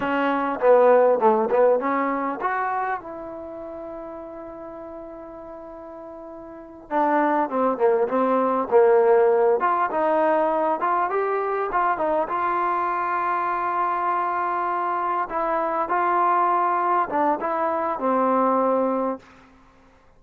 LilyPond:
\new Staff \with { instrumentName = "trombone" } { \time 4/4 \tempo 4 = 100 cis'4 b4 a8 b8 cis'4 | fis'4 e'2.~ | e'2.~ e'8 d'8~ | d'8 c'8 ais8 c'4 ais4. |
f'8 dis'4. f'8 g'4 f'8 | dis'8 f'2.~ f'8~ | f'4. e'4 f'4.~ | f'8 d'8 e'4 c'2 | }